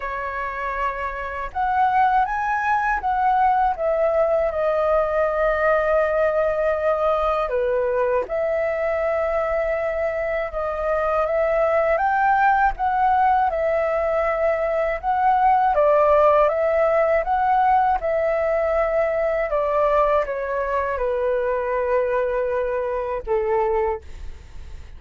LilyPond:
\new Staff \with { instrumentName = "flute" } { \time 4/4 \tempo 4 = 80 cis''2 fis''4 gis''4 | fis''4 e''4 dis''2~ | dis''2 b'4 e''4~ | e''2 dis''4 e''4 |
g''4 fis''4 e''2 | fis''4 d''4 e''4 fis''4 | e''2 d''4 cis''4 | b'2. a'4 | }